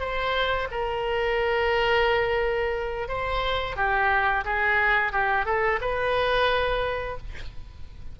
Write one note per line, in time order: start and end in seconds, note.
0.00 0.68 C5
0.72 3.08 A#4
3.08 3.76 C5
3.76 4.44 G4
4.45 5.13 G#4
5.13 5.45 G4
5.45 5.80 A4
5.81 7.18 B4